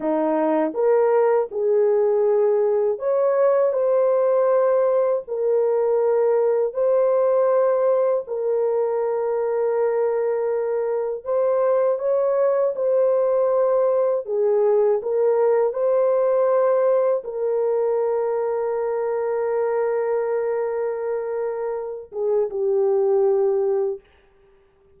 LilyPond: \new Staff \with { instrumentName = "horn" } { \time 4/4 \tempo 4 = 80 dis'4 ais'4 gis'2 | cis''4 c''2 ais'4~ | ais'4 c''2 ais'4~ | ais'2. c''4 |
cis''4 c''2 gis'4 | ais'4 c''2 ais'4~ | ais'1~ | ais'4. gis'8 g'2 | }